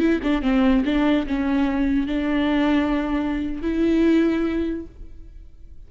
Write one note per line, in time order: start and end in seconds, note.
0.00 0.21 E4
0.24 0.43 D4
0.43 0.84 C4
0.86 1.27 D4
1.27 2.07 C#4
2.07 3.62 D4
3.62 4.87 E4